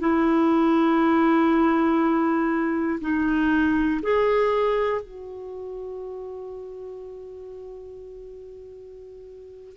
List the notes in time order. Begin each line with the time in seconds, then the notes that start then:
0.00 E4
3.01 D#4
4.03 G#4
5.02 F#4